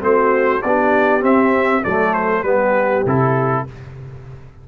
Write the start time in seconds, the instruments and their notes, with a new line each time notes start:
0.00 tuba A3, trombone C4, horn F#4, trumpet C5
0.62 tuba B3, trombone D4, horn G4, trumpet D5
1.21 trombone C4, tuba C4, trumpet E5
1.83 tuba F#3, trombone A3, horn A4, trumpet D5
2.14 trumpet C5
2.43 tuba G3, trombone B3, horn G4, trumpet B4
3.06 tuba C3, trombone E4, trumpet A4